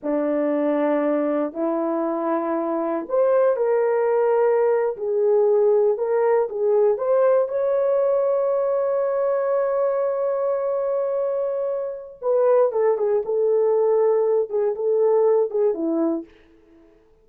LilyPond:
\new Staff \with { instrumentName = "horn" } { \time 4/4 \tempo 4 = 118 d'2. e'4~ | e'2 c''4 ais'4~ | ais'4.~ ais'16 gis'2 ais'16~ | ais'8. gis'4 c''4 cis''4~ cis''16~ |
cis''1~ | cis''1 | b'4 a'8 gis'8 a'2~ | a'8 gis'8 a'4. gis'8 e'4 | }